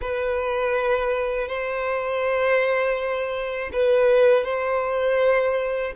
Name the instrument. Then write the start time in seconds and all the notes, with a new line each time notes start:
violin
0.01 B4
1.48 C5
3.72 B4
4.44 C5